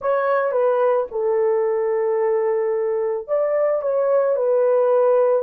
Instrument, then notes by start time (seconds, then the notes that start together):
horn
0.00 C#5
0.52 B4
1.11 A4
3.27 D5
3.82 C#5
4.35 B4